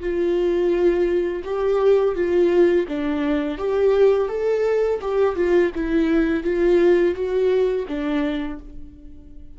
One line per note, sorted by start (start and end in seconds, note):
0.00 1.43 F4
1.44 2.15 G4
2.15 2.87 F4
2.88 3.58 D4
3.58 4.28 G4
4.28 5.00 A4
5.01 5.36 G4
5.36 5.71 F4
5.75 6.44 E4
6.44 7.15 F4
7.15 7.86 F#4
7.88 8.59 D4